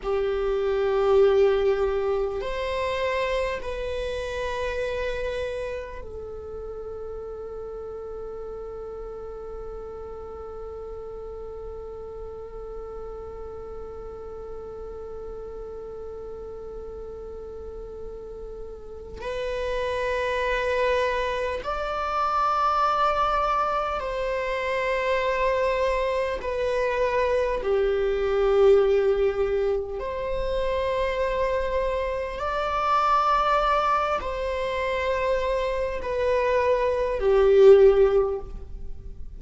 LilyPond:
\new Staff \with { instrumentName = "viola" } { \time 4/4 \tempo 4 = 50 g'2 c''4 b'4~ | b'4 a'2.~ | a'1~ | a'1 |
b'2 d''2 | c''2 b'4 g'4~ | g'4 c''2 d''4~ | d''8 c''4. b'4 g'4 | }